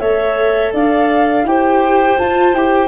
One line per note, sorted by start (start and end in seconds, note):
0.00 0.73 A3
0.00 1.47 A4
0.00 0.73 C#5
0.00 0.72 E5
0.74 1.44 D4
0.74 1.46 D5
0.74 1.47 F5
1.44 2.16 E4
1.44 2.18 G4
1.44 2.88 C5
1.44 2.18 G5
2.18 2.54 F4
2.18 2.55 A5
2.54 2.88 E4
2.54 2.88 G4
2.54 2.88 G5